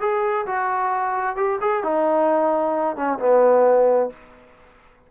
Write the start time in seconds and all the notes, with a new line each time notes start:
0.00 G#4
0.46 F#4
1.36 G4
1.61 G#4
1.83 D#4
2.96 C#4
3.19 B3